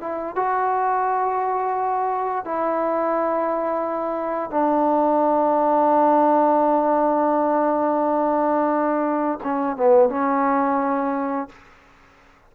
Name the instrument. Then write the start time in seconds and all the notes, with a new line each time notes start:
trombone
0.00 E4
0.35 F#4
2.45 E4
4.50 D4
9.43 C#4
9.76 B3
10.09 C#4